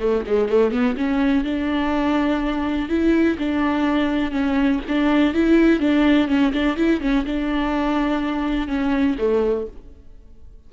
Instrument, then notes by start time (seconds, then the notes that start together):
viola
0.00 A3
0.27 G#3
0.49 A3
0.71 B3
0.97 C#4
1.44 D4
2.89 E4
3.39 D4
4.32 C#4
4.88 D4
5.34 E4
5.80 D4
6.28 C#4
6.53 D4
6.77 E4
7.01 C#4
7.25 D4
8.68 C#4
9.18 A3